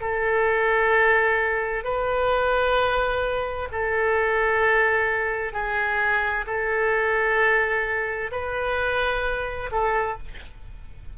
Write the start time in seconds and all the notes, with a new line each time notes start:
0.00 A4
1.83 B4
3.71 A4
5.53 G#4
6.46 A4
8.31 B4
9.71 A4